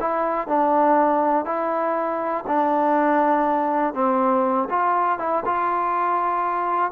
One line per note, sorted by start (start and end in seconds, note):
0.00 0.48 E4
0.48 1.46 D4
1.46 2.45 E4
2.47 3.94 D4
3.94 4.69 C4
4.70 5.19 F4
5.19 5.44 E4
5.45 6.92 F4